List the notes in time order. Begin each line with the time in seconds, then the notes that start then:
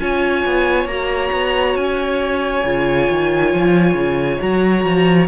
0.00 C#4 F4 C#5 G#5
0.46 B3
0.86 A#3 F#4 A#5
1.33 B3
1.77 C#4 G#5
2.65 C#3 F4
3.10 D#3
3.54 F3
3.94 C#3
4.41 F#3 F#4 A#5
4.85 F3